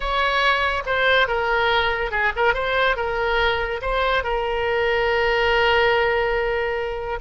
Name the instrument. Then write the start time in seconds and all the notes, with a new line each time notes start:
oboe
0.00 C#5
0.86 C5
1.27 A#4
2.11 G#4
2.36 A#4
2.54 C5
2.96 A#4
3.81 C5
4.23 A#4